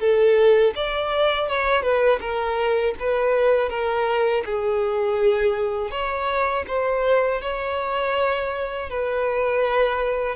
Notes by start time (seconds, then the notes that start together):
0.00 A4
0.75 D5
1.48 C#5
1.82 B4
2.21 A#4
3.00 B4
3.70 A#4
4.45 G#4
5.91 C#5
6.67 C5
7.42 C#5
8.90 B4